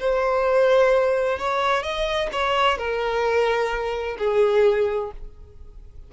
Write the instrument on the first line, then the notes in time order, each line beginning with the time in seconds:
violin
0.00 C5
1.39 C#5
1.83 D#5
2.32 C#5
2.78 A#4
4.19 G#4